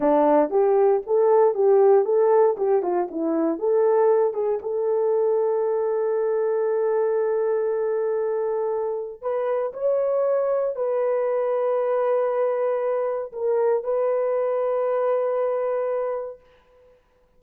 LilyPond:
\new Staff \with { instrumentName = "horn" } { \time 4/4 \tempo 4 = 117 d'4 g'4 a'4 g'4 | a'4 g'8 f'8 e'4 a'4~ | a'8 gis'8 a'2.~ | a'1~ |
a'2 b'4 cis''4~ | cis''4 b'2.~ | b'2 ais'4 b'4~ | b'1 | }